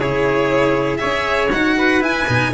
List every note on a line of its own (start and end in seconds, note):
0.00 1.03 C#3
0.00 0.99 E4
0.00 1.00 G#4
0.00 0.97 C#5
0.97 1.53 C#4
0.97 1.50 G#4
0.97 1.76 C#5
0.97 1.48 E5
1.52 2.02 D#4
1.52 2.01 F#4
1.52 2.03 F#5
1.78 2.54 B4
2.01 2.26 E4
2.01 2.27 E4
2.01 2.54 G#5
2.28 2.54 B2
2.28 2.53 D#4